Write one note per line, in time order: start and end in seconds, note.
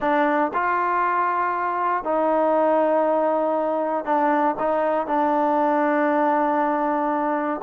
0.00 0.51 D4
0.53 2.04 F4
2.04 4.04 D#4
4.04 4.55 D4
4.59 5.06 D#4
5.06 7.61 D4